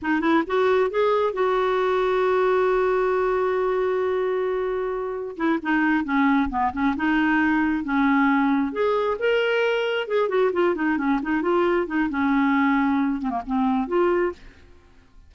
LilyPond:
\new Staff \with { instrumentName = "clarinet" } { \time 4/4 \tempo 4 = 134 dis'8 e'8 fis'4 gis'4 fis'4~ | fis'1~ | fis'1 | e'8 dis'4 cis'4 b8 cis'8 dis'8~ |
dis'4. cis'2 gis'8~ | gis'8 ais'2 gis'8 fis'8 f'8 | dis'8 cis'8 dis'8 f'4 dis'8 cis'4~ | cis'4. c'16 ais16 c'4 f'4 | }